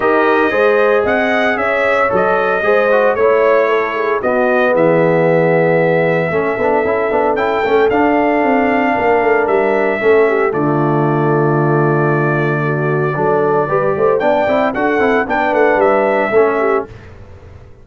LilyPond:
<<
  \new Staff \with { instrumentName = "trumpet" } { \time 4/4 \tempo 4 = 114 dis''2 fis''4 e''4 | dis''2 cis''2 | dis''4 e''2.~ | e''2 g''4 f''4~ |
f''2 e''2 | d''1~ | d''2. g''4 | fis''4 g''8 fis''8 e''2 | }
  \new Staff \with { instrumentName = "horn" } { \time 4/4 ais'4 c''4 dis''4 cis''4~ | cis''4 c''4 cis''4 a'8 gis'8 | fis'4 gis'2. | a'1~ |
a'4 ais'2 a'8 g'8 | f'1 | fis'4 a'4 b'8 c''8 d''4 | a'4 b'2 a'8 g'8 | }
  \new Staff \with { instrumentName = "trombone" } { \time 4/4 g'4 gis'2. | a'4 gis'8 fis'8 e'2 | b1 | cis'8 d'8 e'8 d'8 e'8 cis'8 d'4~ |
d'2. cis'4 | a1~ | a4 d'4 g'4 d'8 e'8 | fis'8 e'8 d'2 cis'4 | }
  \new Staff \with { instrumentName = "tuba" } { \time 4/4 dis'4 gis4 c'4 cis'4 | fis4 gis4 a2 | b4 e2. | a8 b8 cis'8 b8 cis'8 a8 d'4 |
c'4 ais8 a8 g4 a4 | d1~ | d4 fis4 g8 a8 b8 c'8 | d'8 c'8 b8 a8 g4 a4 | }
>>